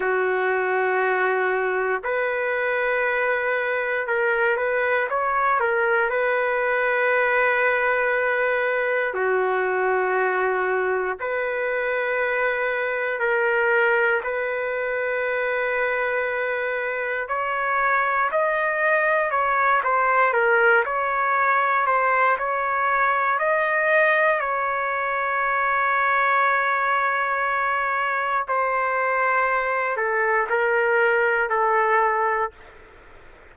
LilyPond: \new Staff \with { instrumentName = "trumpet" } { \time 4/4 \tempo 4 = 59 fis'2 b'2 | ais'8 b'8 cis''8 ais'8 b'2~ | b'4 fis'2 b'4~ | b'4 ais'4 b'2~ |
b'4 cis''4 dis''4 cis''8 c''8 | ais'8 cis''4 c''8 cis''4 dis''4 | cis''1 | c''4. a'8 ais'4 a'4 | }